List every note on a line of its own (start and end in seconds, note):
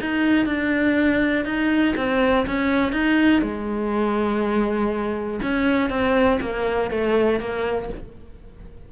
0.00 0.45 D#4
0.45 1.44 D4
1.44 1.94 D#4
1.96 2.46 C4
2.46 2.92 C#4
2.92 3.41 D#4
3.41 5.40 G#3
5.42 5.89 C#4
5.89 6.39 C4
6.41 6.90 A#3
6.90 7.39 A3
7.39 7.89 A#3